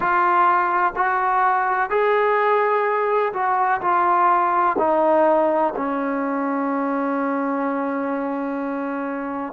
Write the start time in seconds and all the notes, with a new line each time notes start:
0.00 F4
0.95 F#4
1.90 G#4
3.33 F#4
3.81 F4
4.78 D#4
5.76 C#4